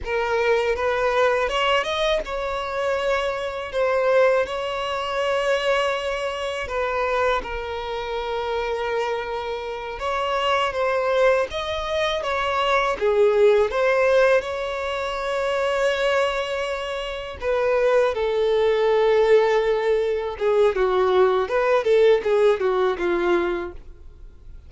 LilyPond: \new Staff \with { instrumentName = "violin" } { \time 4/4 \tempo 4 = 81 ais'4 b'4 cis''8 dis''8 cis''4~ | cis''4 c''4 cis''2~ | cis''4 b'4 ais'2~ | ais'4. cis''4 c''4 dis''8~ |
dis''8 cis''4 gis'4 c''4 cis''8~ | cis''2.~ cis''8 b'8~ | b'8 a'2. gis'8 | fis'4 b'8 a'8 gis'8 fis'8 f'4 | }